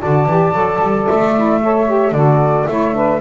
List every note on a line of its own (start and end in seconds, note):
0.00 0.25 D3
0.00 0.28 F#4
0.00 1.61 D5
0.00 1.06 A5
0.25 0.52 E3
0.25 0.53 G4
0.53 0.80 F#3
0.53 1.33 A4
0.81 1.08 G3
1.06 2.11 A3
1.06 2.13 E5
1.35 1.62 E4
1.61 1.86 A4
1.61 2.12 C#5
1.86 2.13 G4
2.11 2.65 D3
2.11 2.67 F#4
2.11 2.66 A4
2.11 2.66 D5
2.66 3.20 A3
2.66 2.93 E4
2.66 2.94 C#5
2.66 3.20 E5
2.93 3.20 D4
2.93 3.20 B4